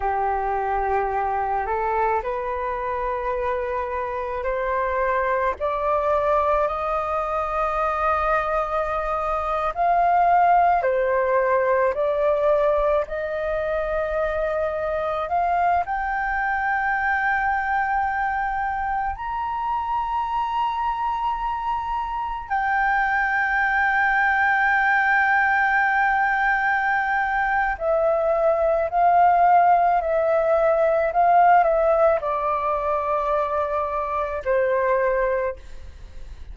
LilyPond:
\new Staff \with { instrumentName = "flute" } { \time 4/4 \tempo 4 = 54 g'4. a'8 b'2 | c''4 d''4 dis''2~ | dis''8. f''4 c''4 d''4 dis''16~ | dis''4.~ dis''16 f''8 g''4.~ g''16~ |
g''4~ g''16 ais''2~ ais''8.~ | ais''16 g''2.~ g''8.~ | g''4 e''4 f''4 e''4 | f''8 e''8 d''2 c''4 | }